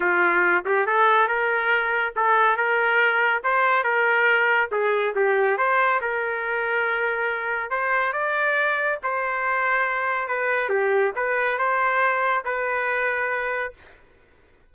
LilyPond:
\new Staff \with { instrumentName = "trumpet" } { \time 4/4 \tempo 4 = 140 f'4. g'8 a'4 ais'4~ | ais'4 a'4 ais'2 | c''4 ais'2 gis'4 | g'4 c''4 ais'2~ |
ais'2 c''4 d''4~ | d''4 c''2. | b'4 g'4 b'4 c''4~ | c''4 b'2. | }